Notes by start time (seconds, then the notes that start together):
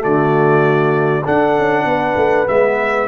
0.00 D3 A3 F#4 D5
1.24 D4 A4 F#5
1.59 C#4
1.85 B3 B4
2.16 A3
2.48 G#3 B3 E5